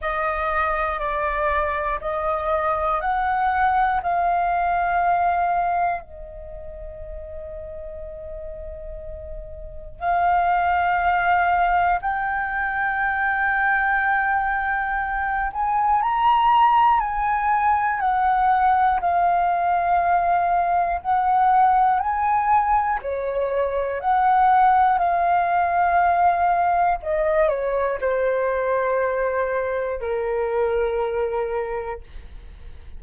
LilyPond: \new Staff \with { instrumentName = "flute" } { \time 4/4 \tempo 4 = 60 dis''4 d''4 dis''4 fis''4 | f''2 dis''2~ | dis''2 f''2 | g''2.~ g''8 gis''8 |
ais''4 gis''4 fis''4 f''4~ | f''4 fis''4 gis''4 cis''4 | fis''4 f''2 dis''8 cis''8 | c''2 ais'2 | }